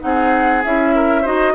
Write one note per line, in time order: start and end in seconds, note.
0.00 0.65 C4
0.00 0.62 D#4
0.00 0.95 G#4
0.00 0.63 F#5
0.65 1.26 C#4
0.65 1.24 E4
0.65 1.27 E5
0.95 1.22 A#4
1.22 1.55 D#4
1.22 1.55 F#4
1.22 1.53 C5
1.22 1.55 D#5